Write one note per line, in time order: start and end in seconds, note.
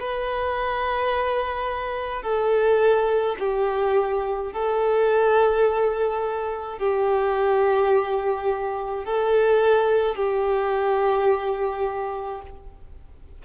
0.00 2.23 B4
2.23 3.36 A4
3.40 4.53 G4
4.53 6.79 A4
6.79 9.05 G4
9.05 10.16 A4
10.16 12.42 G4